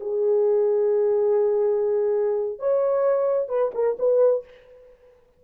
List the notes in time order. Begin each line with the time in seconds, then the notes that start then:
0.00 G#4
2.59 C#5
3.49 B4
3.74 A#4
3.99 B4